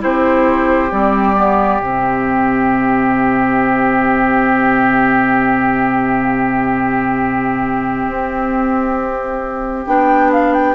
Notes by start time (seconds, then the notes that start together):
0.00 C4 E4 G4 C5
0.91 G3 C4 D5
1.36 B3
1.80 C3 C4 E5
8.08 C4
9.87 B3 D4 G5
10.33 F5
10.54 G5